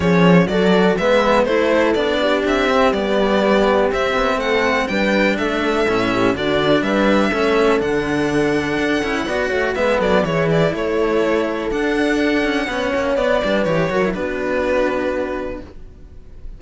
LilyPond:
<<
  \new Staff \with { instrumentName = "violin" } { \time 4/4 \tempo 4 = 123 cis''4 d''4 e''4 c''4 | d''4 e''4 d''2 | e''4 fis''4 g''4 e''4~ | e''4 d''4 e''2 |
fis''1 | e''8 d''8 cis''8 d''8 cis''2 | fis''2. d''4 | cis''4 b'2. | }
  \new Staff \with { instrumentName = "horn" } { \time 4/4 gis'4 a'4 b'4 a'4~ | a'8 g'2.~ g'8~ | g'4 a'4 b'4 a'4~ | a'8 g'8 fis'4 b'4 a'4~ |
a'2. d''8 cis''8 | b'8 a'8 gis'4 a'2~ | a'2 cis''4. b'8~ | b'8 ais'8 fis'2. | }
  \new Staff \with { instrumentName = "cello" } { \time 4/4 cis'4 fis'4 b4 e'4 | d'4. c'8 b2 | c'2 d'2 | cis'4 d'2 cis'4 |
d'2~ d'8 e'8 fis'4 | b4 e'2. | d'2 cis'4 b8 d'8 | g'8 fis'16 e'16 d'2. | }
  \new Staff \with { instrumentName = "cello" } { \time 4/4 f4 fis4 gis4 a4 | b4 c'4 g2 | c'8 b8 a4 g4 a4 | a,4 d4 g4 a4 |
d2 d'8 cis'8 b8 a8 | gis8 fis8 e4 a2 | d'4. cis'8 b8 ais8 b8 g8 | e8 fis8 b2. | }
>>